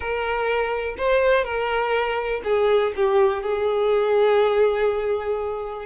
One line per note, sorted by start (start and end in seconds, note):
0.00 0.95 A#4
0.97 1.44 C5
1.44 2.41 A#4
2.43 2.92 G#4
2.96 3.42 G4
3.42 5.85 G#4